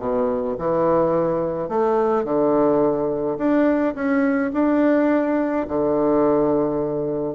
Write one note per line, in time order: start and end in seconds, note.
0.00 0.57 B2
0.59 1.70 E3
1.70 2.25 A3
2.25 3.38 D3
3.38 3.95 D4
3.95 4.52 C#4
4.54 5.67 D4
5.69 7.35 D3